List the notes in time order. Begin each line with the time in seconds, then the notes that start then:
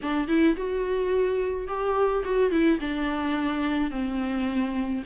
0.02 D4
0.28 E4
0.56 F#4
1.67 G4
2.24 F#4
2.51 E4
2.80 D4
3.90 C4